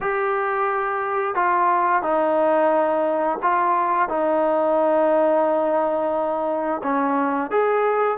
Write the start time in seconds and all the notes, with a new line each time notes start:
0.00 G4
1.35 F4
2.02 D#4
3.42 F4
4.08 D#4
6.83 C#4
7.50 G#4